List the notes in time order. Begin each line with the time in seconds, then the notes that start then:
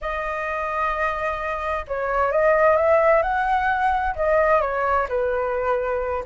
0.01 D#5
1.87 C#5
2.31 D#5
2.76 E5
3.22 F#5
4.15 D#5
4.61 C#5
5.08 B4